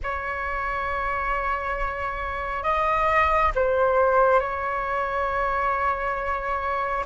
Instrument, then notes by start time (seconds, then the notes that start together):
flute
0.03 C#5
2.63 D#5
3.55 C5
4.40 C#5